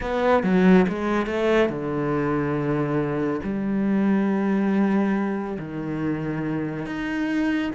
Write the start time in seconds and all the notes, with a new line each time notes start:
0.00 B3
0.43 F#3
0.88 G#3
1.26 A3
1.69 D3
3.43 G3
5.59 D#3
6.86 D#4